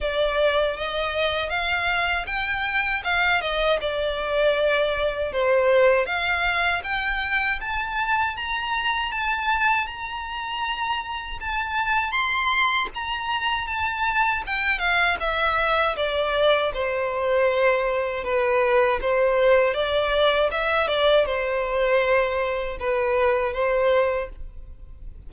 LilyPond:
\new Staff \with { instrumentName = "violin" } { \time 4/4 \tempo 4 = 79 d''4 dis''4 f''4 g''4 | f''8 dis''8 d''2 c''4 | f''4 g''4 a''4 ais''4 | a''4 ais''2 a''4 |
c'''4 ais''4 a''4 g''8 f''8 | e''4 d''4 c''2 | b'4 c''4 d''4 e''8 d''8 | c''2 b'4 c''4 | }